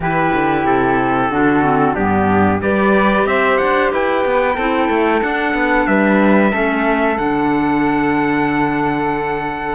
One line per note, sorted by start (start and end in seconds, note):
0.00 0.30 E3
0.00 1.32 E4
0.00 1.30 G4
0.00 0.66 B4
0.34 0.64 D3
0.64 1.29 C3
0.64 1.95 A4
1.30 1.95 D3
1.30 1.62 D4
1.30 1.93 F#4
1.62 1.95 C4
1.93 2.61 G2
1.93 2.59 B3
1.93 2.59 D4
1.93 2.60 G4
2.59 3.25 G3
2.59 4.55 G4
2.59 3.27 B4
2.59 3.26 D5
3.25 3.58 C4
3.25 3.91 C5
3.25 3.57 E5
3.57 3.92 D4
3.57 3.90 F#5
3.91 4.24 E4
3.91 4.55 B4
3.91 5.22 G5
4.24 4.57 B3
4.55 4.88 C4
4.55 5.21 E4
4.55 5.86 A4
4.88 5.21 A3
5.21 6.51 D4
5.21 5.54 D4
5.21 5.87 F#5
5.54 5.86 B3
5.87 6.52 G3
5.87 6.51 B4
5.87 7.17 E5
6.51 7.18 A3
6.51 7.16 C#4
6.51 9.75 A4
7.17 9.75 D3
7.17 9.75 D4
7.17 9.75 F#5